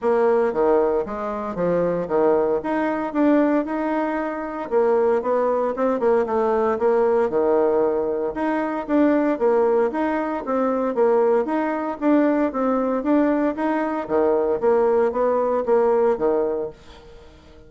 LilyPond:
\new Staff \with { instrumentName = "bassoon" } { \time 4/4 \tempo 4 = 115 ais4 dis4 gis4 f4 | dis4 dis'4 d'4 dis'4~ | dis'4 ais4 b4 c'8 ais8 | a4 ais4 dis2 |
dis'4 d'4 ais4 dis'4 | c'4 ais4 dis'4 d'4 | c'4 d'4 dis'4 dis4 | ais4 b4 ais4 dis4 | }